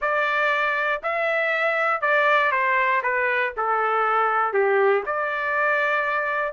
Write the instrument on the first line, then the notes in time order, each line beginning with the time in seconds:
trumpet
0.01 D5
1.02 E5
2.01 D5
2.51 C5
3.02 B4
3.56 A4
4.53 G4
5.06 D5